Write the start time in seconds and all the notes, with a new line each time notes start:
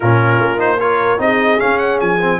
0.00 A#2 C#4 F4 A#4
0.39 A#3
0.57 D#4 C5
0.79 F4 A#4 C#5
1.18 C4 D#4 G#4 D#5
1.59 C#4 F5
1.78 F#5
2.00 F3 G#5
2.21 C4